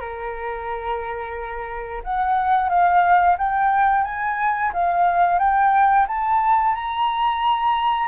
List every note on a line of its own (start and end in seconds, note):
0.00 2.02 A#4
2.03 2.69 F#5
2.69 3.36 F5
3.38 4.04 G5
4.04 4.71 G#5
4.73 5.38 F5
5.38 6.06 G5
6.07 6.74 A5
6.74 8.08 A#5